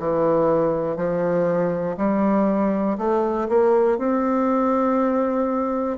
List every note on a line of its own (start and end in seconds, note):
0.00 0.96 E3
0.96 1.96 F3
1.98 2.98 G3
2.99 3.49 A3
3.49 3.99 A#3
3.99 5.98 C4